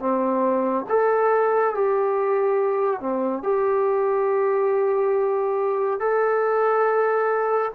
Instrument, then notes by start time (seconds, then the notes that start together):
trombone
0.00 C4
0.89 A4
1.75 G4
3.00 C4
3.43 G4
6.00 A4